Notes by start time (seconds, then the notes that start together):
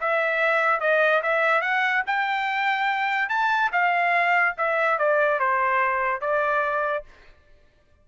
0.00 E5
0.80 D#5
1.23 E5
1.61 F#5
2.07 G5
3.29 A5
3.72 F5
4.57 E5
4.98 D5
5.39 C5
6.21 D5